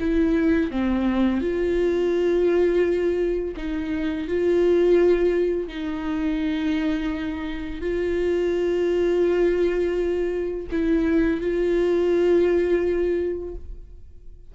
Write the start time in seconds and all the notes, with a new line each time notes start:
0.00 E4
0.71 C4
1.41 F4
3.57 D#4
4.28 F4
5.68 D#4
7.81 F4
10.72 E4
11.41 F4